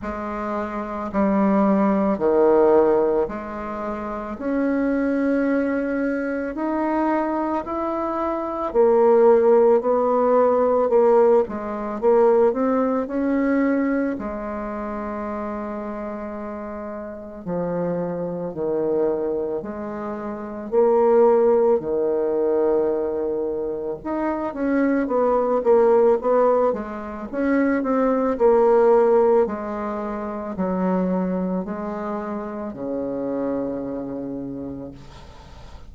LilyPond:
\new Staff \with { instrumentName = "bassoon" } { \time 4/4 \tempo 4 = 55 gis4 g4 dis4 gis4 | cis'2 dis'4 e'4 | ais4 b4 ais8 gis8 ais8 c'8 | cis'4 gis2. |
f4 dis4 gis4 ais4 | dis2 dis'8 cis'8 b8 ais8 | b8 gis8 cis'8 c'8 ais4 gis4 | fis4 gis4 cis2 | }